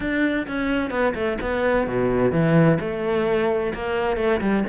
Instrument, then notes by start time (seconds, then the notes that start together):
cello
0.00 D4
0.47 C#4
0.90 B3
1.14 A3
1.41 B3
1.87 B2
2.31 E3
2.80 A3
3.73 A#3
4.16 A3
4.41 G3